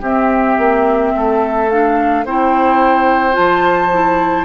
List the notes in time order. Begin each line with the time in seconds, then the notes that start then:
0.00 C4 G4 E5
0.58 A#3
1.15 A3 A4
1.69 D4 F5
2.25 C4 E4 C5 G5
3.31 F4 A5
3.37 F3
3.92 E4